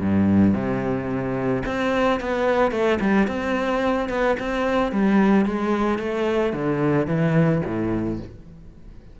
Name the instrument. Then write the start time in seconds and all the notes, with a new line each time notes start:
cello
0.00 G2
0.54 C3
1.66 C4
2.20 B3
2.71 A3
3.00 G3
3.27 C4
4.09 B3
4.39 C4
4.92 G3
5.45 G#3
5.98 A3
6.53 D3
7.07 E3
7.65 A2